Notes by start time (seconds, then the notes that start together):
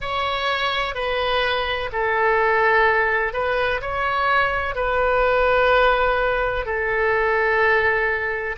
0.00 C#5
0.94 B4
1.92 A4
3.33 B4
3.81 C#5
4.74 B4
6.65 A4